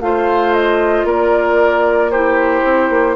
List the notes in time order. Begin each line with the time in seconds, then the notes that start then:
0.00 A3 F4 C5 F5
0.53 D#5
1.04 A#3 A#4 D5
2.11 E4 G4 C5
2.64 C4
2.90 A#3